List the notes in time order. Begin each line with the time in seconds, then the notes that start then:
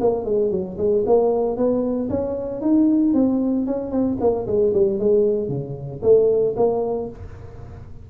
0.00 A#3
0.25 G#3
0.51 F#3
0.78 G#3
1.06 A#3
1.57 B3
2.10 C#4
2.61 D#4
3.14 C4
3.66 C#4
3.91 C4
4.20 A#3
4.47 G#3
4.73 G3
4.99 G#3
5.48 C#3
6.02 A3
6.56 A#3